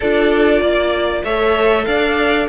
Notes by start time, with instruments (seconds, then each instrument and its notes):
0.00 cello D4, viola F4, violin A4 D5
0.61 cello A#3, violin D5
1.24 cello A3, viola A4, violin C#5 E5
1.85 cello D4, violin D5 F5